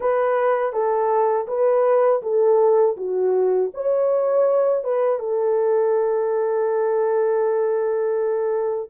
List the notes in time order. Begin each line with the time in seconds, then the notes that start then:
0.00 B4
0.72 A4
1.47 B4
2.22 A4
2.96 F#4
3.74 C#5
4.84 B4
5.19 A4